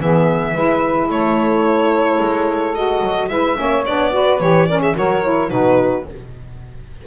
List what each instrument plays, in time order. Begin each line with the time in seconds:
0.00 double bass E3, saxophone B3 G#4, violin E5
0.53 double bass G#3, saxophone E4 B4
1.09 double bass A3, saxophone A4, violin C#5
2.20 double bass G#3
2.75 saxophone F#4, violin D#5
3.01 double bass F#3
3.29 double bass G#3, saxophone E4 B4, violin E5
3.56 double bass A#3, saxophone C#4 C#5
3.86 double bass B3, saxophone D4, violin D5
4.12 saxophone F#4 B4
4.40 double bass E3, saxophone G4, violin C#5
4.67 saxophone C#4 A#4, violin D5
4.81 saxophone G#4, violin E5
4.96 double bass F#3, saxophone F#4 A#4, violin C#5
5.23 saxophone E4
5.50 double bass B2, saxophone D#4 F#4, violin B4